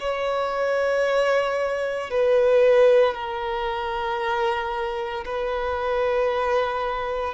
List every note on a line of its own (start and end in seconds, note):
0.00 2.11 C#5
2.11 3.14 B4
3.14 5.25 A#4
5.25 7.34 B4